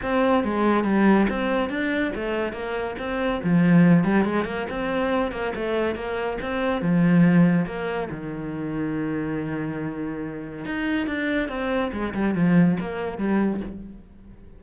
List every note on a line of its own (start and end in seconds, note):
0.02 0.44 C4
0.44 0.84 G#3
0.84 1.26 G3
1.29 1.69 C4
1.69 2.12 D4
2.15 2.52 A3
2.52 2.95 A#3
2.98 3.41 C4
3.43 4.04 F3
4.04 4.24 G3
4.24 4.45 G#3
4.45 4.66 A#3
4.69 5.31 C4
5.31 5.52 A#3
5.55 5.95 A3
5.95 6.37 A#3
6.41 6.81 C4
6.81 7.66 F3
7.66 8.08 A#3
8.10 10.65 D#3
10.65 11.06 D#4
11.06 11.48 D4
11.48 11.91 C4
11.92 12.13 G#3
12.14 12.35 G3
12.35 12.77 F3
12.80 13.17 A#3
13.17 13.60 G3